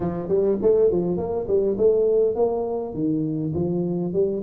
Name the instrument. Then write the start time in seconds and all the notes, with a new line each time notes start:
tuba
0.00 F3
0.28 G3
0.61 A3
0.91 F3
1.17 A#3
1.47 G3
1.77 A3
2.35 A#3
2.94 D#3
3.54 F3
4.13 G3